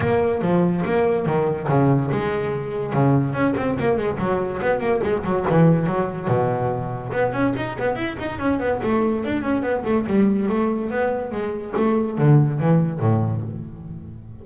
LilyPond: \new Staff \with { instrumentName = "double bass" } { \time 4/4 \tempo 4 = 143 ais4 f4 ais4 dis4 | cis4 gis2 cis4 | cis'8 c'8 ais8 gis8 fis4 b8 ais8 | gis8 fis8 e4 fis4 b,4~ |
b,4 b8 cis'8 dis'8 b8 e'8 dis'8 | cis'8 b8 a4 d'8 cis'8 b8 a8 | g4 a4 b4 gis4 | a4 d4 e4 a,4 | }